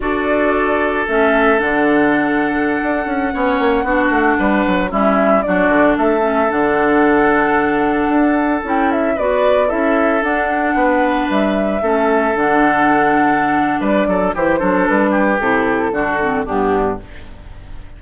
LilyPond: <<
  \new Staff \with { instrumentName = "flute" } { \time 4/4 \tempo 4 = 113 d''2 e''4 fis''4~ | fis''1~ | fis''4~ fis''16 e''4 d''4 e''8.~ | e''16 fis''2.~ fis''8.~ |
fis''16 g''8 e''8 d''4 e''4 fis''8.~ | fis''4~ fis''16 e''2 fis''8.~ | fis''2 d''4 c''4 | b'4 a'2 g'4 | }
  \new Staff \with { instrumentName = "oboe" } { \time 4/4 a'1~ | a'2~ a'16 cis''4 fis'8.~ | fis'16 b'4 e'4 fis'4 a'8.~ | a'1~ |
a'4~ a'16 b'4 a'4.~ a'16~ | a'16 b'2 a'4.~ a'16~ | a'2 b'8 a'8 g'8 a'8~ | a'8 g'4. fis'4 d'4 | }
  \new Staff \with { instrumentName = "clarinet" } { \time 4/4 fis'2 cis'4 d'4~ | d'2~ d'16 cis'4 d'8.~ | d'4~ d'16 cis'4 d'4. cis'16~ | cis'16 d'2.~ d'8.~ |
d'16 e'4 fis'4 e'4 d'8.~ | d'2~ d'16 cis'4 d'8.~ | d'2. e'8 d'8~ | d'4 e'4 d'8 c'8 b4 | }
  \new Staff \with { instrumentName = "bassoon" } { \time 4/4 d'2 a4 d4~ | d4~ d16 d'8 cis'8 b8 ais8 b8 a16~ | a16 g8 fis8 g4 fis8 d8 a8.~ | a16 d2. d'8.~ |
d'16 cis'4 b4 cis'4 d'8.~ | d'16 b4 g4 a4 d8.~ | d2 g8 fis8 e8 fis8 | g4 c4 d4 g,4 | }
>>